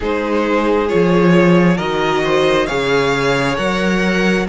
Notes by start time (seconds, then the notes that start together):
0.00 G#3 D#4 G#4 C5
0.88 F3 F4 C#5
1.76 D#3 F#4 A#4 D#5
2.24 C5
2.66 C#3 G#4 C#5 F5
3.57 F#3 A#4 F#5